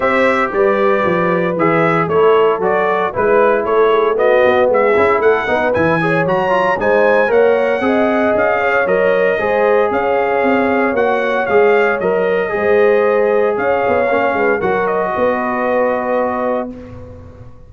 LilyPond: <<
  \new Staff \with { instrumentName = "trumpet" } { \time 4/4 \tempo 4 = 115 e''4 d''2 e''4 | cis''4 d''4 b'4 cis''4 | dis''4 e''4 fis''4 gis''4 | ais''4 gis''4 fis''2 |
f''4 dis''2 f''4~ | f''4 fis''4 f''4 dis''4~ | dis''2 f''2 | fis''8 dis''2.~ dis''8 | }
  \new Staff \with { instrumentName = "horn" } { \time 4/4 c''4 b'2. | a'2 b'4 a'8 gis'8 | fis'4 gis'4 a'8 b'4 cis''8~ | cis''4 c''4 cis''4 dis''4~ |
dis''8 cis''4. c''4 cis''4~ | cis''1 | c''2 cis''4. b'8 | ais'4 b'2. | }
  \new Staff \with { instrumentName = "trombone" } { \time 4/4 g'2. gis'4 | e'4 fis'4 e'2 | b4. e'4 dis'8 e'8 gis'8 | fis'8 f'8 dis'4 ais'4 gis'4~ |
gis'4 ais'4 gis'2~ | gis'4 fis'4 gis'4 ais'4 | gis'2. cis'4 | fis'1 | }
  \new Staff \with { instrumentName = "tuba" } { \time 4/4 c'4 g4 f4 e4 | a4 fis4 gis4 a4~ | a8 b8 gis8 cis'8 a8 b8 e4 | fis4 gis4 ais4 c'4 |
cis'4 fis4 gis4 cis'4 | c'4 ais4 gis4 fis4 | gis2 cis'8 b8 ais8 gis8 | fis4 b2. | }
>>